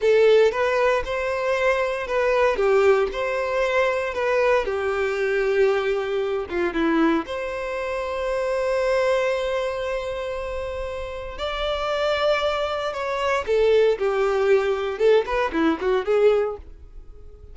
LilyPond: \new Staff \with { instrumentName = "violin" } { \time 4/4 \tempo 4 = 116 a'4 b'4 c''2 | b'4 g'4 c''2 | b'4 g'2.~ | g'8 f'8 e'4 c''2~ |
c''1~ | c''2 d''2~ | d''4 cis''4 a'4 g'4~ | g'4 a'8 b'8 e'8 fis'8 gis'4 | }